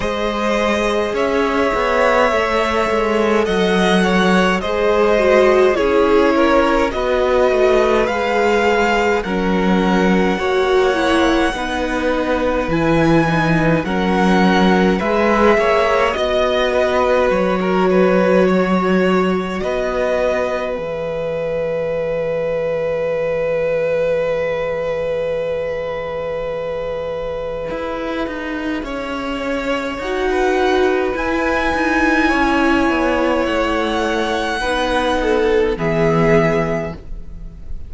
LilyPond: <<
  \new Staff \with { instrumentName = "violin" } { \time 4/4 \tempo 4 = 52 dis''4 e''2 fis''4 | dis''4 cis''4 dis''4 f''4 | fis''2. gis''4 | fis''4 e''4 dis''4 cis''4~ |
cis''4 dis''4 e''2~ | e''1~ | e''2 fis''4 gis''4~ | gis''4 fis''2 e''4 | }
  \new Staff \with { instrumentName = "violin" } { \time 4/4 c''4 cis''2 dis''8 cis''8 | c''4 gis'8 ais'8 b'2 | ais'4 cis''4 b'2 | ais'4 b'8 cis''8 dis''8 b'8. ais'16 b'8 |
cis''4 b'2.~ | b'1~ | b'4 cis''4~ cis''16 b'4.~ b'16 | cis''2 b'8 a'8 gis'4 | }
  \new Staff \with { instrumentName = "viola" } { \time 4/4 gis'2 a'2 | gis'8 fis'8 e'4 fis'4 gis'4 | cis'4 fis'8 e'8 dis'4 e'8 dis'8 | cis'4 gis'4 fis'2~ |
fis'2 gis'2~ | gis'1~ | gis'2 fis'4 e'4~ | e'2 dis'4 b4 | }
  \new Staff \with { instrumentName = "cello" } { \time 4/4 gis4 cis'8 b8 a8 gis8 fis4 | gis4 cis'4 b8 a8 gis4 | fis4 ais4 b4 e4 | fis4 gis8 ais8 b4 fis4~ |
fis4 b4 e2~ | e1 | e'8 dis'8 cis'4 dis'4 e'8 dis'8 | cis'8 b8 a4 b4 e4 | }
>>